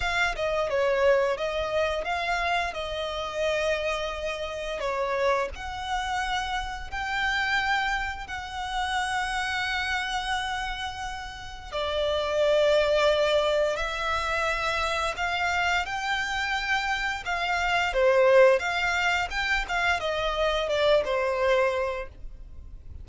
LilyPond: \new Staff \with { instrumentName = "violin" } { \time 4/4 \tempo 4 = 87 f''8 dis''8 cis''4 dis''4 f''4 | dis''2. cis''4 | fis''2 g''2 | fis''1~ |
fis''4 d''2. | e''2 f''4 g''4~ | g''4 f''4 c''4 f''4 | g''8 f''8 dis''4 d''8 c''4. | }